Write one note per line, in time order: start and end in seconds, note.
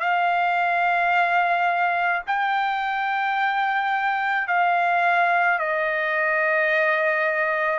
0.00 2.22 F5
2.27 4.47 G5
4.47 5.59 F5
5.59 7.79 D#5